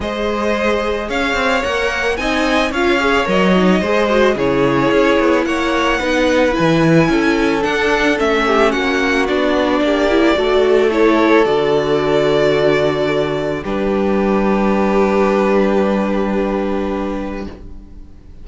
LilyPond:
<<
  \new Staff \with { instrumentName = "violin" } { \time 4/4 \tempo 4 = 110 dis''2 f''4 fis''4 | gis''4 f''4 dis''2 | cis''2 fis''2 | gis''2 fis''4 e''4 |
fis''4 d''2. | cis''4 d''2.~ | d''4 b'2.~ | b'1 | }
  \new Staff \with { instrumentName = "violin" } { \time 4/4 c''2 cis''2 | dis''4 cis''2 c''4 | gis'2 cis''4 b'4~ | b'4 a'2~ a'8 g'8 |
fis'2 g'4 a'4~ | a'1~ | a'4 g'2.~ | g'1 | }
  \new Staff \with { instrumentName = "viola" } { \time 4/4 gis'2. ais'4 | dis'4 f'8 gis'8 ais'8 dis'8 gis'8 fis'8 | e'2. dis'4 | e'2 d'4 cis'4~ |
cis'4 d'4. e'8 fis'4 | e'4 fis'2.~ | fis'4 d'2.~ | d'1 | }
  \new Staff \with { instrumentName = "cello" } { \time 4/4 gis2 cis'8 c'8 ais4 | c'4 cis'4 fis4 gis4 | cis4 cis'8 b8 ais4 b4 | e4 cis'4 d'4 a4 |
ais4 b4 ais4 a4~ | a4 d2.~ | d4 g2.~ | g1 | }
>>